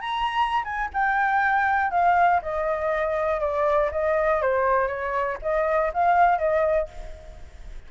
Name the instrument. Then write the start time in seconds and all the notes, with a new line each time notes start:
flute
0.00 A#5
0.64 G#5
0.93 G5
1.90 F5
2.42 D#5
3.40 D5
3.91 D#5
4.41 C5
4.88 C#5
5.42 D#5
5.93 F5
6.38 D#5